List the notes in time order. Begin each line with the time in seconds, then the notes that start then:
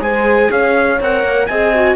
0.00 G#3 G#4 C5 G#5
0.50 C#4 C#5 F5
1.00 C4 A#4 F#5
1.23 A#3
1.47 C4 G#4 D#5 G#5
1.74 F#4